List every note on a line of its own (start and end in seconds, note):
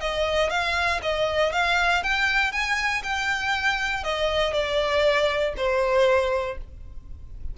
0.00 0.50 D#5
0.50 1.00 F5
1.02 1.52 D#5
1.52 2.03 F5
2.03 2.52 G5
2.52 3.02 G#5
3.03 4.03 G5
4.03 4.53 D#5
4.53 5.53 D5
5.56 6.57 C5